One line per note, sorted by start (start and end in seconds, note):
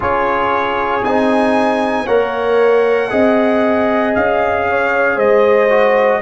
0.00 1.03 C#4
0.00 1.01 F4
0.00 2.05 G#4
0.00 1.04 C#5
1.03 2.06 C4
1.03 2.07 D#4
1.03 2.06 G#5
2.05 3.11 A#3
2.05 3.09 A#4
2.05 3.08 C#5
2.05 4.13 F#5
3.09 4.15 C4
3.09 5.68 G#4
3.09 4.66 D#5
4.14 5.16 C#4
4.14 5.18 F5
4.69 5.16 C#5
5.16 6.19 G#3
5.16 6.19 C5
5.16 6.21 D#5
5.69 6.21 F#4